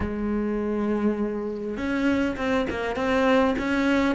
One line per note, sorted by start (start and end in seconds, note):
0.00 1.77 G#3
1.77 2.36 C#4
2.36 2.66 C4
2.70 2.95 A#3
2.95 3.55 C4
3.58 4.15 C#4